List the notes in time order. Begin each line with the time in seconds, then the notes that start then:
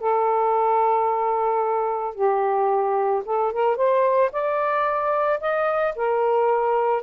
0.00 A4
2.15 G4
3.25 A4
3.53 A#4
3.77 C5
4.32 D5
5.40 D#5
5.96 A#4